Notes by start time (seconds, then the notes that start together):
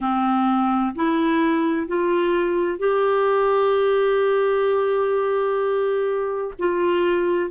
0.00 C4
0.95 E4
1.87 F4
2.79 G4
6.59 F4